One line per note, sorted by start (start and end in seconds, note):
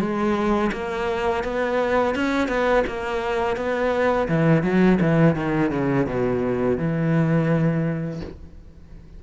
0.00 0.71 G#3
0.73 1.44 A#3
1.44 2.15 B3
2.15 2.48 C#4
2.48 2.84 B3
2.87 3.57 A#3
3.57 4.28 B3
4.29 4.63 E3
4.63 4.99 F#3
5.01 5.36 E3
5.36 5.71 D#3
5.71 6.06 C#3
6.06 6.78 B2
6.78 8.21 E3